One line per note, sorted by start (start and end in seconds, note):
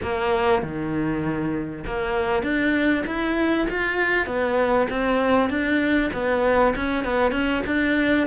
0.02 0.62 A#3
0.62 1.85 D#3
1.85 2.42 A#3
2.42 3.04 D4
3.06 3.67 E4
3.69 4.26 F4
4.26 4.87 B3
4.89 5.49 C4
5.49 6.11 D4
6.13 6.74 B3
6.75 7.04 C#4
7.04 7.31 B3
7.31 7.62 C#4
7.66 8.27 D4